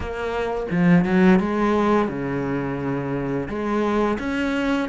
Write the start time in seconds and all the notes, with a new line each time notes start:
0.00 A#3
0.70 F3
1.04 F#3
1.39 G#3
2.08 C#3
3.48 G#3
4.19 C#4